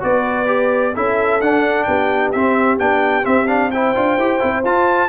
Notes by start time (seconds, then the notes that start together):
0.00 B3 F#4 B4 D5
0.46 G4
0.94 C#4 E4 A4 E5
1.40 D4 F#5
1.83 B3 G4 G5
2.31 C4 E5
2.78 B3 D4 G5
3.23 C4 E5
3.47 D4 F5
3.71 E4 C5 G5
3.95 D4 F4
4.17 E4 G4
4.39 C4 E4
4.63 F4 A5